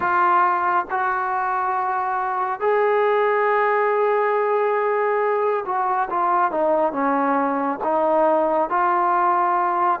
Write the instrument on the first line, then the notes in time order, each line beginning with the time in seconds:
trombone
0.00 F4
0.90 F#4
2.60 G#4
5.65 F#4
6.10 F4
6.51 D#4
6.92 C#4
7.83 D#4
8.69 F4